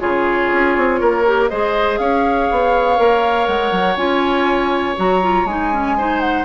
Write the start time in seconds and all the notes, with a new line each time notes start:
0.00 C#3 F4 G#4 C#5
0.53 C#4
0.77 C4
1.01 A#3 A#4
1.26 G4
1.49 G#3 G#4 C5 D#5
1.98 C#4 C#5 F5
2.51 B3
2.96 A#3 A#4
3.47 G#3 F#5
3.71 F#3
3.96 C#4 F4 G#5
4.97 F#3 F#4 A#5
5.22 F4
5.45 G#3 D#4 G#5
5.73 C#4
5.98 D#4 C5
6.20 F#5